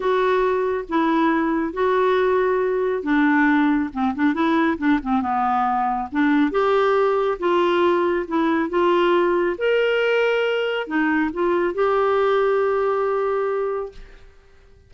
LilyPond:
\new Staff \with { instrumentName = "clarinet" } { \time 4/4 \tempo 4 = 138 fis'2 e'2 | fis'2. d'4~ | d'4 c'8 d'8 e'4 d'8 c'8 | b2 d'4 g'4~ |
g'4 f'2 e'4 | f'2 ais'2~ | ais'4 dis'4 f'4 g'4~ | g'1 | }